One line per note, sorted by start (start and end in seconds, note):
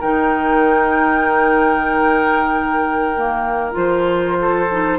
0.00 3.76 D#3
0.00 3.14 D#4
0.00 4.38 A#4
0.00 3.76 G5
3.15 3.72 A#3
3.72 4.99 F3
3.72 4.66 F4
3.72 4.99 C5
4.40 4.99 A4
4.71 4.99 D#4